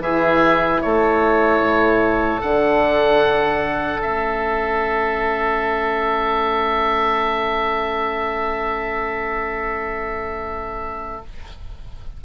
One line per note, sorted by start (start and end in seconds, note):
0.00 0.80 E3
0.00 2.43 E4
0.00 0.83 G#4
0.00 0.82 E5
0.82 1.60 A3
0.82 11.25 A4
0.82 2.42 C#5
1.60 2.40 A2
2.42 4.04 D3
2.42 4.03 D4
2.42 4.02 F#5
4.03 11.24 A3
4.03 11.23 C#4
4.03 11.23 E5